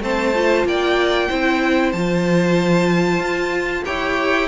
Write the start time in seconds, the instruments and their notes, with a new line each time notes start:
0.00 cello A3, viola C4, violin C5 A5
0.34 viola F4
0.64 cello A#3, violin D5 G5
1.28 cello C4, viola E4, violin C5
1.92 cello F3, viola F4, violin A5
3.20 cello F4
3.85 cello E4, viola G4, violin C#5 G5